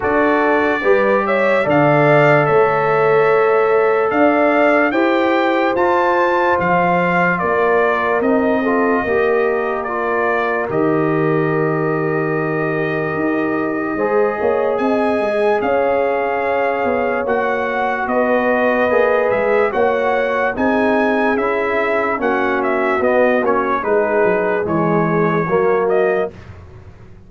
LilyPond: <<
  \new Staff \with { instrumentName = "trumpet" } { \time 4/4 \tempo 4 = 73 d''4. e''8 f''4 e''4~ | e''4 f''4 g''4 a''4 | f''4 d''4 dis''2 | d''4 dis''2.~ |
dis''2 gis''4 f''4~ | f''4 fis''4 dis''4. e''8 | fis''4 gis''4 e''4 fis''8 e''8 | dis''8 cis''8 b'4 cis''4. dis''8 | }
  \new Staff \with { instrumentName = "horn" } { \time 4/4 a'4 b'8 cis''8 d''4 cis''4~ | cis''4 d''4 c''2~ | c''4 ais'4. a'8 ais'4~ | ais'1~ |
ais'4 c''8 cis''8 dis''4 cis''4~ | cis''2 b'2 | cis''4 gis'2 fis'4~ | fis'4 gis'2 fis'4 | }
  \new Staff \with { instrumentName = "trombone" } { \time 4/4 fis'4 g'4 a'2~ | a'2 g'4 f'4~ | f'2 dis'8 f'8 g'4 | f'4 g'2.~ |
g'4 gis'2.~ | gis'4 fis'2 gis'4 | fis'4 dis'4 e'4 cis'4 | b8 cis'8 dis'4 gis4 ais4 | }
  \new Staff \with { instrumentName = "tuba" } { \time 4/4 d'4 g4 d4 a4~ | a4 d'4 e'4 f'4 | f4 ais4 c'4 ais4~ | ais4 dis2. |
dis'4 gis8 ais8 c'8 gis8 cis'4~ | cis'8 b8 ais4 b4 ais8 gis8 | ais4 c'4 cis'4 ais4 | b8 ais8 gis8 fis8 e4 fis4 | }
>>